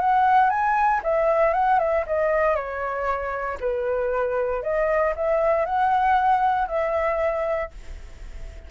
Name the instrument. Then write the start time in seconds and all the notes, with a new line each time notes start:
flute
0.00 F#5
0.50 G#5
1.03 E5
1.53 F#5
1.79 E5
2.07 D#5
2.55 C#5
3.60 B4
4.63 D#5
5.16 E5
5.65 F#5
6.68 E5